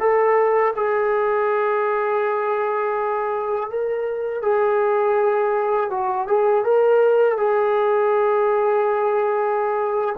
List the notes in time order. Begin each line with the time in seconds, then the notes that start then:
0.00 A4
0.76 G#4
3.70 A#4
4.42 G#4
5.90 F#4
6.28 G#4
6.64 A#4
7.38 G#4